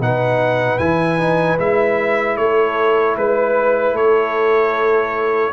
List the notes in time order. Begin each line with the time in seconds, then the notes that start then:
0.00 B2 D#4 B4 F#5
0.79 E3 E4 G#5
1.19 D#4
1.59 G#3 E4 E5
2.37 A3 A4 C#5
3.17 G#3 B4
3.93 A3 A4 C#5